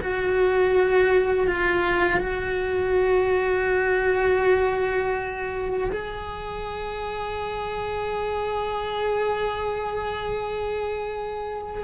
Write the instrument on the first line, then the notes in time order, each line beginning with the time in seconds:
cello
0.00 F#4
1.47 F4
2.20 F#4
5.91 G#4